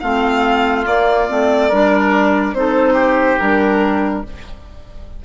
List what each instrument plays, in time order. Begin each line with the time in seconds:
0.00 bassoon A3, clarinet C4, oboe F4, violin F5
0.85 clarinet A#3, bassoon A#3, violin D5
1.29 bassoon A3, clarinet C4
1.69 bassoon G3, clarinet D4, oboe A#4
2.53 bassoon C4, clarinet D#4, oboe A4, violin C5
2.94 oboe G4
3.39 bassoon G3, clarinet D4, violin A#4